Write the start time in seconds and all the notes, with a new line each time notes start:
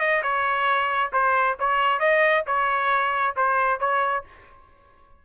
0.00 D#5
0.22 C#5
1.13 C5
1.59 C#5
2.00 D#5
2.47 C#5
3.36 C5
3.80 C#5